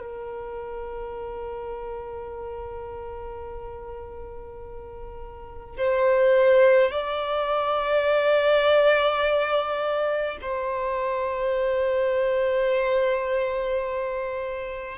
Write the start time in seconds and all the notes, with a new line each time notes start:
0.00 A#4
5.77 C5
6.92 D5
10.42 C5